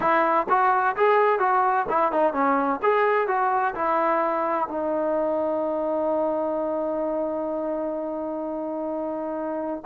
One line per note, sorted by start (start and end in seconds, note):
0.00 0.46 E4
0.49 0.96 F#4
0.96 1.39 G#4
1.39 1.86 F#4
1.89 2.11 E4
2.11 2.33 D#4
2.33 2.80 C#4
2.82 3.27 G#4
3.27 3.74 F#4
3.74 4.68 E4
4.68 9.83 D#4